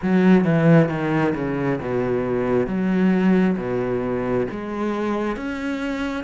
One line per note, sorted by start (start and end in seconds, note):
0.02 0.44 F#3
0.44 0.88 E3
0.88 1.33 D#3
1.34 1.79 C#3
1.81 2.66 B2
2.66 3.56 F#3
3.57 4.47 B2
4.50 5.36 G#3
5.36 6.24 C#4